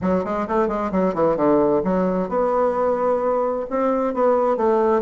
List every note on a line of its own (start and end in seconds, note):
0.01 0.24 F#3
0.24 0.47 G#3
0.47 0.68 A3
0.68 0.91 G#3
0.91 1.14 F#3
1.14 1.36 E3
1.36 1.82 D3
1.84 2.28 F#3
2.28 3.66 B3
3.70 4.14 C4
4.14 4.56 B3
4.56 5.02 A3